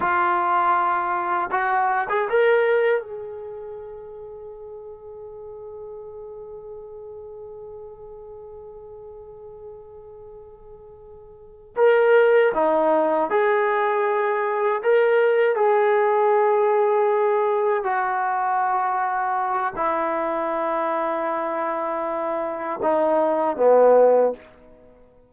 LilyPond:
\new Staff \with { instrumentName = "trombone" } { \time 4/4 \tempo 4 = 79 f'2 fis'8. gis'16 ais'4 | gis'1~ | gis'1~ | gis'2.~ gis'8 ais'8~ |
ais'8 dis'4 gis'2 ais'8~ | ais'8 gis'2. fis'8~ | fis'2 e'2~ | e'2 dis'4 b4 | }